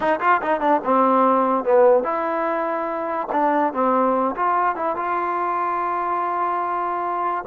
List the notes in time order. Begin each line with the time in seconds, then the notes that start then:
0.00 D#4
0.20 F4
0.42 D#4
0.60 D4
0.84 C4
1.64 B3
2.03 E4
3.32 D4
3.73 C4
4.35 F4
4.75 E4
4.96 F4